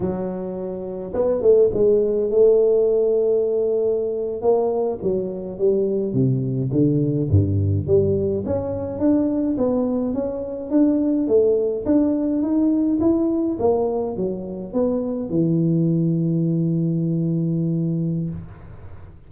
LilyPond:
\new Staff \with { instrumentName = "tuba" } { \time 4/4 \tempo 4 = 105 fis2 b8 a8 gis4 | a2.~ a8. ais16~ | ais8. fis4 g4 c4 d16~ | d8. g,4 g4 cis'4 d'16~ |
d'8. b4 cis'4 d'4 a16~ | a8. d'4 dis'4 e'4 ais16~ | ais8. fis4 b4 e4~ e16~ | e1 | }